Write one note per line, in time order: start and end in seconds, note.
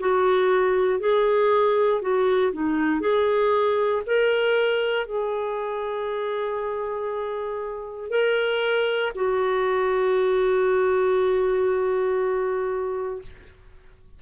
0.00 1.00 F#4
1.00 2.01 G#4
2.01 2.52 F#4
2.52 3.00 D#4
3.00 4.02 G#4
4.06 5.06 A#4
5.06 8.10 G#4
8.10 9.12 A#4
9.15 13.22 F#4